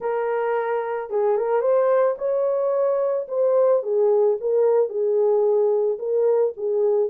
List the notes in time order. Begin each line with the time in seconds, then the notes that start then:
0.00 A#4
1.10 G#4
1.37 A#4
1.61 C5
2.18 C#5
3.28 C5
3.82 G#4
4.40 A#4
4.89 G#4
5.99 A#4
6.57 G#4